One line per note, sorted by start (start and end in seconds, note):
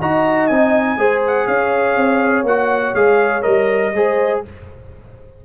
0.00 0.50 D#4
0.00 0.50 F#4
0.00 0.98 D#5
0.00 0.47 A#5
0.47 0.97 C4
0.47 0.98 D#4
0.47 1.21 G#5
0.97 1.46 G#3
0.97 2.45 G#4
0.97 1.47 C5
1.27 1.47 F#5
1.47 1.96 C#4
1.47 3.93 C#5
1.47 2.45 F5
1.96 2.43 C4
2.43 2.92 A#3
2.43 2.95 F#4
2.43 2.94 F#5
2.94 3.43 G#3
2.94 3.42 G#4
2.94 3.42 F5
3.42 3.93 G3
3.42 3.91 A#4
3.42 4.40 D#5
3.93 4.42 G#3
3.93 4.45 G#4
3.93 4.44 C5